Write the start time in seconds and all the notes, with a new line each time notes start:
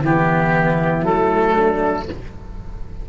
0.00 E3 B3 E4 G4
1.02 F#3 A3 A4
1.54 D4